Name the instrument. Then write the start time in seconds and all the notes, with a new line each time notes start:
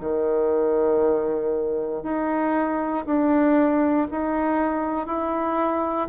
bassoon
0.00 D#3
2.03 D#4
3.06 D4
4.11 D#4
5.07 E4